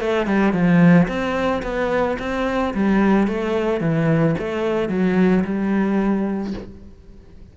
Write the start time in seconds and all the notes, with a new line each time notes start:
0.00 A3
0.26 G3
0.53 F3
1.07 C4
1.62 B3
2.19 C4
2.74 G3
3.27 A3
3.80 E3
4.38 A3
4.89 F#3
5.44 G3